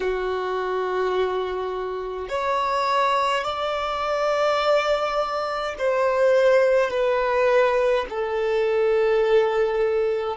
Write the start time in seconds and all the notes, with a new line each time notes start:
0.00 F#4
2.28 C#5
3.44 D5
5.78 C5
6.90 B4
8.09 A4